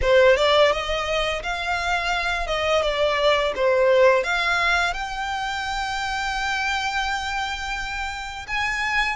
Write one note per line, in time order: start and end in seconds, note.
0.01 0.36 C5
0.36 0.72 D5
0.72 1.42 D#5
1.42 2.46 F5
2.46 2.82 D#5
2.82 3.52 D5
3.55 4.23 C5
4.23 4.93 F5
4.93 8.46 G5
8.47 9.16 G#5